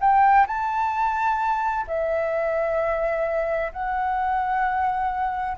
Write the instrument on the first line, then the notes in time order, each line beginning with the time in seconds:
flute
0.00 G5
0.47 A5
1.87 E5
3.72 F#5